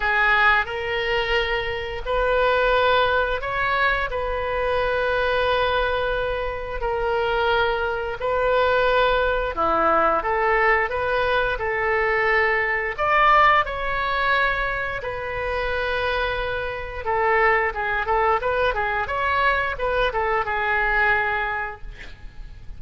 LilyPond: \new Staff \with { instrumentName = "oboe" } { \time 4/4 \tempo 4 = 88 gis'4 ais'2 b'4~ | b'4 cis''4 b'2~ | b'2 ais'2 | b'2 e'4 a'4 |
b'4 a'2 d''4 | cis''2 b'2~ | b'4 a'4 gis'8 a'8 b'8 gis'8 | cis''4 b'8 a'8 gis'2 | }